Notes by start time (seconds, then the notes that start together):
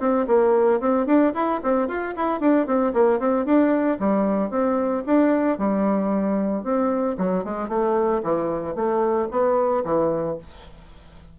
0.00 C4
0.27 A#3
0.81 C4
1.06 D4
1.34 E4
1.63 C4
1.88 F4
2.16 E4
2.41 D4
2.67 C4
2.94 A#3
3.20 C4
3.46 D4
4.00 G3
4.51 C4
5.07 D4
5.59 G3
6.64 C4
7.18 F#3
7.44 G#3
7.69 A3
8.23 E3
8.76 A3
9.31 B3
9.85 E3